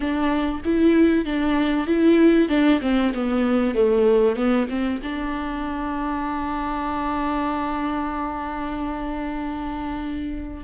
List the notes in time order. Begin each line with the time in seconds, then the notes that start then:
0.00 D4
0.64 E4
1.25 D4
1.87 E4
2.48 D4
2.81 C4
3.13 B3
3.74 A3
4.36 B3
4.69 C4
5.02 D4